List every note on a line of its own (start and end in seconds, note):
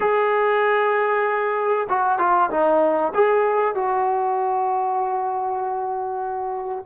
0.00 1.88 G#4
1.89 2.18 F#4
2.18 2.49 F4
2.50 3.12 D#4
3.14 3.74 G#4
3.74 6.85 F#4